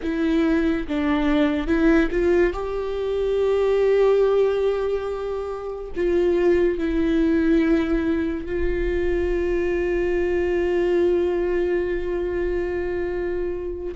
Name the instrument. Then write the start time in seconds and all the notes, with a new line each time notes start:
viola
0.02 E4
0.87 D4
1.67 E4
2.11 F4
2.53 G4
5.96 F4
6.78 E4
8.45 F4